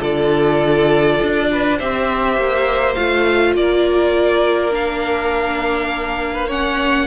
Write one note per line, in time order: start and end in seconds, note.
0.00 1.20 D3
0.00 1.76 F4
0.00 1.48 A4
0.00 1.79 D5
1.23 1.81 D4
1.52 1.78 B4
1.78 2.38 C4
1.78 2.97 G4
1.78 3.55 C5
1.78 2.95 E5
2.38 2.96 A#3
2.95 3.56 A3
2.95 4.72 F4
2.95 3.53 F5
3.56 7.08 A#3
3.56 6.34 A#4
3.56 4.74 D5
4.72 6.48 D4
4.72 6.51 F5
6.34 6.48 B4
6.48 7.08 C#4
6.48 7.07 C#5
6.48 7.08 F#5